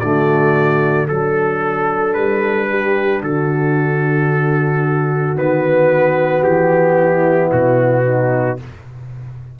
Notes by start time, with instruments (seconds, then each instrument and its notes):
0.00 tuba D3, trombone A3, horn F#4, trumpet D5
1.07 tuba F#3, trombone D4, horn A4, trumpet A4
2.14 tuba G3, trumpet B4
2.70 horn G4
3.22 tuba D3, horn F#4, trumpet A4
5.35 tuba D#3, trombone B3, trumpet B4
6.44 tuba E3, trumpet G4
6.98 horn E4
7.52 tuba B2, trumpet F#4
8.05 horn D#4